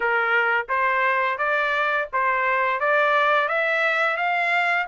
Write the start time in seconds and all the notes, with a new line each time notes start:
0.00 A#4
0.68 C5
1.38 D5
2.12 C5
2.80 D5
3.48 E5
4.16 F5